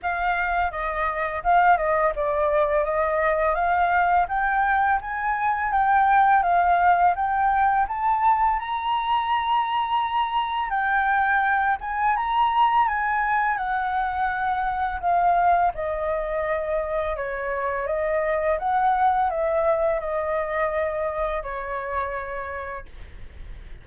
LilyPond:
\new Staff \with { instrumentName = "flute" } { \time 4/4 \tempo 4 = 84 f''4 dis''4 f''8 dis''8 d''4 | dis''4 f''4 g''4 gis''4 | g''4 f''4 g''4 a''4 | ais''2. g''4~ |
g''8 gis''8 ais''4 gis''4 fis''4~ | fis''4 f''4 dis''2 | cis''4 dis''4 fis''4 e''4 | dis''2 cis''2 | }